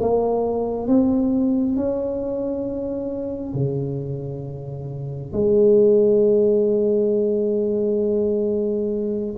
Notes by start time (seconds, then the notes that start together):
0.00 A#3
0.87 C4
1.75 C#4
3.53 C#3
5.32 G#3